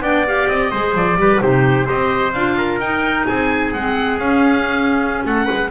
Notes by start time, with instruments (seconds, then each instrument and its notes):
0.00 double bass B3, clarinet D4, trumpet D5, oboe G5
0.27 clarinet G4, oboe F5
0.48 double bass C4, oboe D#5
0.71 double bass G#3, clarinet G#4, trumpet C5
0.95 double bass F3, oboe D5
1.17 double bass G3, clarinet G4, trumpet B4
1.41 double bass C3, clarinet D#4, trumpet G4, oboe C5
1.85 clarinet G4, trumpet C5, oboe D#5
1.92 double bass C4
2.33 double bass D4, clarinet F4, oboe F5
2.58 trumpet A#4
2.79 double bass D#4, clarinet D#4, oboe G5
3.27 double bass C4, trumpet G#4, oboe G#5
3.73 double bass G#3, clarinet C4, oboe F#5
4.18 double bass C#4, clarinet C#4, oboe F5
5.25 double bass A3, trumpet A4, oboe F#5
5.45 double bass G#3, trumpet B4